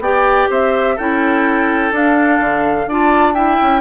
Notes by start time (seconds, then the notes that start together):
0.00 B3 G4 D5 G5
0.50 C4 C5 E5
0.96 C#4 E4 A4 G5
1.92 D4 F5
2.40 D3
2.87 D4 F4 D5 A5
3.35 E4 E5 G5
3.62 C#4